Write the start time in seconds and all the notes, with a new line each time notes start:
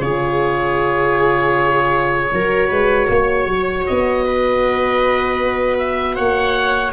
0.00 C#3 F4 G#4 C#5
2.32 F#3 F#4 A#4
2.69 G#3 B4
3.09 A#3 C#5
3.47 F#3
3.86 B3 D#5
4.25 B4
5.78 E5
6.15 A#3 C#5 F#5